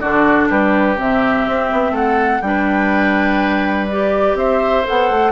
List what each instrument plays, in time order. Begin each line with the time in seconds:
0.00 bassoon D3, clarinet D4, oboe F#4, flute D5
0.49 bassoon G3, oboe G4, flute B4
0.97 bassoon C3, clarinet C4, flute E5
1.47 bassoon C4
1.72 bassoon B3
1.91 bassoon A3, oboe A4, flute F#5
2.41 bassoon G3, clarinet D4, oboe B4, flute G5
3.88 clarinet G4, flute D5
4.35 bassoon C4, oboe C5, flute E5
4.85 bassoon B3, clarinet A4, flute F#5
5.10 bassoon A3